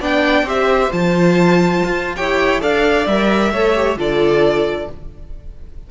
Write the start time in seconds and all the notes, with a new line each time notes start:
0.00 B3 D4 D5 G5
0.43 C4 G4 C5 E5
0.90 F3 F4 A5
1.84 F4
2.16 E4 G4 C#5 G5
2.60 D4 A4 D5 F5
3.07 G3 A#4 E5
3.51 A3 A4 C#5
3.75 G4
3.96 D3 F4 A4 D5